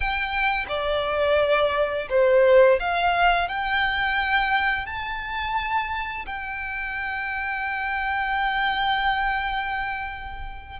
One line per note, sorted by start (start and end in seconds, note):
0.00 0.65 G5
0.68 2.08 D5
2.09 2.79 C5
2.79 3.48 F5
3.48 4.86 G5
4.86 6.25 A5
6.26 10.79 G5